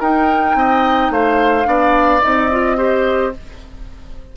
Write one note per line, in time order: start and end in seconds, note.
0.00 0.55 D#4
0.00 1.64 D#4
0.00 0.56 A#4
0.00 1.12 G5
0.55 1.10 C4
0.55 1.12 D#5
1.10 1.66 A3
1.10 1.68 C5
1.10 2.22 F5
1.64 2.22 B3
1.64 2.20 D4
1.64 2.77 D5
2.22 3.37 C4
2.22 2.50 D#4
2.22 3.33 D#5
2.52 2.77 F4
2.77 3.33 G4
2.77 3.33 C5